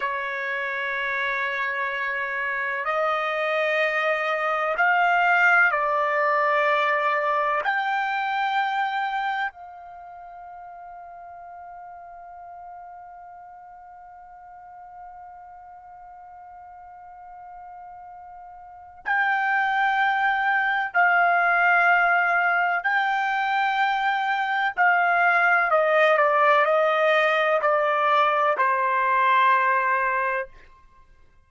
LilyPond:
\new Staff \with { instrumentName = "trumpet" } { \time 4/4 \tempo 4 = 63 cis''2. dis''4~ | dis''4 f''4 d''2 | g''2 f''2~ | f''1~ |
f''1 | g''2 f''2 | g''2 f''4 dis''8 d''8 | dis''4 d''4 c''2 | }